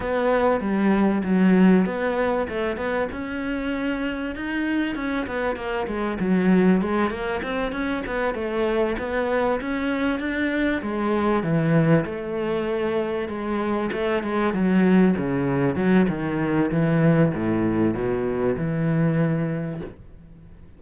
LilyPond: \new Staff \with { instrumentName = "cello" } { \time 4/4 \tempo 4 = 97 b4 g4 fis4 b4 | a8 b8 cis'2 dis'4 | cis'8 b8 ais8 gis8 fis4 gis8 ais8 | c'8 cis'8 b8 a4 b4 cis'8~ |
cis'8 d'4 gis4 e4 a8~ | a4. gis4 a8 gis8 fis8~ | fis8 cis4 fis8 dis4 e4 | a,4 b,4 e2 | }